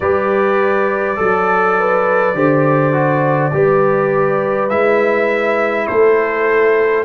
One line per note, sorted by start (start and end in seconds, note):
0.00 1.17 G3
0.00 1.16 G4
0.00 1.17 B4
0.00 4.69 D5
1.16 2.34 F#3
1.16 2.34 A4
1.16 1.76 A4
1.79 2.35 B4
2.34 3.52 D3
2.34 2.92 G4
2.34 3.53 C5
2.92 3.51 F#4
3.53 4.70 G3
3.53 4.70 G4
3.53 5.87 B4
4.69 5.87 G#3
4.69 7.05 E4
4.69 5.86 E5
5.86 7.05 A3
5.86 7.05 A4
5.86 7.04 C5